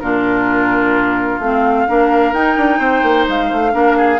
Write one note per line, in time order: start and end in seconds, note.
0.00 1.39 A#2
0.00 1.42 D4
0.00 1.88 F4
0.00 1.40 A#4
1.39 1.86 A3
1.39 1.88 C4
1.39 2.33 F5
1.88 2.33 A#3
1.88 2.34 D4
1.88 2.79 A#4
2.33 2.56 D#4
2.33 3.72 D#4
2.33 3.26 G5
2.57 2.79 D4
2.79 3.02 C4
2.79 3.72 C5
3.03 3.26 A#3
3.28 3.52 G#3
3.28 4.20 F5
3.52 3.74 A3
3.72 4.20 A#3
3.72 4.18 D4
3.72 3.97 A#4
3.97 4.20 G#4